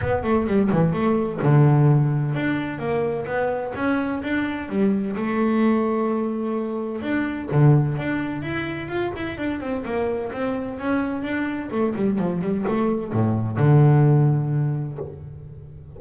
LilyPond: \new Staff \with { instrumentName = "double bass" } { \time 4/4 \tempo 4 = 128 b8 a8 g8 e8 a4 d4~ | d4 d'4 ais4 b4 | cis'4 d'4 g4 a4~ | a2. d'4 |
d4 d'4 e'4 f'8 e'8 | d'8 c'8 ais4 c'4 cis'4 | d'4 a8 g8 f8 g8 a4 | a,4 d2. | }